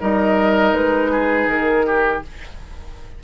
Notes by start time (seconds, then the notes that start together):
0.00 G3 D#4 A#4 D#5
0.73 G#3 B4
1.11 G#4
1.46 D#3 A#4
1.86 G4